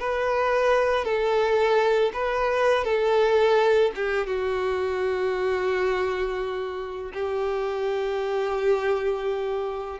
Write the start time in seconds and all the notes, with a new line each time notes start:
0.00 B4
1.05 A4
2.13 B4
2.84 A4
3.95 G4
4.26 F#4
7.14 G4